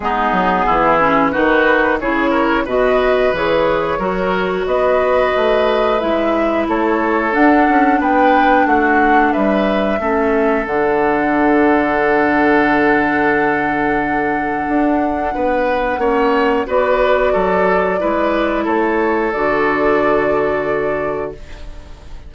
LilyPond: <<
  \new Staff \with { instrumentName = "flute" } { \time 4/4 \tempo 4 = 90 gis'2 b'4 cis''4 | dis''4 cis''2 dis''4~ | dis''4 e''4 cis''4 fis''4 | g''4 fis''4 e''2 |
fis''1~ | fis''1~ | fis''4 d''2. | cis''4 d''2. | }
  \new Staff \with { instrumentName = "oboe" } { \time 4/4 dis'4 e'4 fis'4 gis'8 ais'8 | b'2 ais'4 b'4~ | b'2 a'2 | b'4 fis'4 b'4 a'4~ |
a'1~ | a'2. b'4 | cis''4 b'4 a'4 b'4 | a'1 | }
  \new Staff \with { instrumentName = "clarinet" } { \time 4/4 b4. cis'8 dis'4 e'4 | fis'4 gis'4 fis'2~ | fis'4 e'2 d'4~ | d'2. cis'4 |
d'1~ | d'1 | cis'4 fis'2 e'4~ | e'4 fis'2. | }
  \new Staff \with { instrumentName = "bassoon" } { \time 4/4 gis8 fis8 e4 dis4 cis4 | b,4 e4 fis4 b4 | a4 gis4 a4 d'8 cis'8 | b4 a4 g4 a4 |
d1~ | d2 d'4 b4 | ais4 b4 fis4 gis4 | a4 d2. | }
>>